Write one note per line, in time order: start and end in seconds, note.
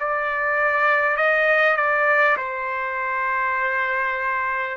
0.00 1.16 D5
1.16 1.76 D#5
1.77 2.37 D5
2.37 4.77 C5